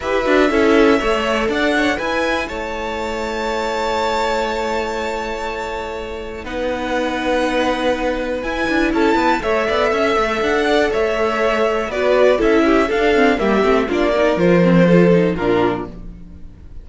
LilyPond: <<
  \new Staff \with { instrumentName = "violin" } { \time 4/4 \tempo 4 = 121 e''2. fis''4 | gis''4 a''2.~ | a''1~ | a''4 fis''2.~ |
fis''4 gis''4 a''4 e''4~ | e''4 fis''4 e''2 | d''4 e''4 f''4 e''4 | d''4 c''2 ais'4 | }
  \new Staff \with { instrumentName = "violin" } { \time 4/4 b'4 a'4 cis''4 d''8 cis''8 | b'4 cis''2.~ | cis''1~ | cis''4 b'2.~ |
b'2 a'8 b'8 cis''8 d''8 | e''4. d''8 cis''2 | b'4 a'8 g'8 a'4 g'4 | f'8 ais'4. a'4 f'4 | }
  \new Staff \with { instrumentName = "viola" } { \time 4/4 g'8 fis'8 e'4 a'2 | e'1~ | e'1~ | e'4 dis'2.~ |
dis'4 e'2 a'4~ | a'1 | fis'4 e'4 d'8 c'8 ais8 c'8 | d'8 dis'8 f'8 c'8 f'8 dis'8 d'4 | }
  \new Staff \with { instrumentName = "cello" } { \time 4/4 e'8 d'8 cis'4 a4 d'4 | e'4 a2.~ | a1~ | a4 b2.~ |
b4 e'8 d'8 cis'8 b8 a8 b8 | cis'8 a8 d'4 a2 | b4 cis'4 d'4 g8 a8 | ais4 f2 ais,4 | }
>>